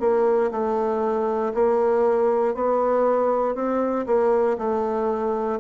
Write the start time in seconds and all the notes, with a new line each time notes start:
0.00 A#3
0.51 A3
1.54 A#3
2.55 B3
3.55 C4
4.07 A#3
4.59 A3